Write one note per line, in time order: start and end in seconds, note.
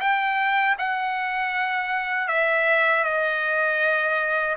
0.00 0.76 G5
0.78 2.28 F#5
2.28 3.03 E5
3.04 4.56 D#5